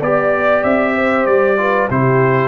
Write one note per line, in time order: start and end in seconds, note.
0.00 0.63 B3
0.00 1.58 G4
0.00 0.94 D5
0.00 0.64 D5
0.64 1.27 C4
0.64 1.26 E5
0.95 1.58 C5
1.26 1.89 G3
1.26 1.89 D5
1.58 1.89 F4
1.58 1.90 B4
1.90 2.48 C3
1.90 2.48 E4
1.90 2.48 G4
1.90 2.48 C5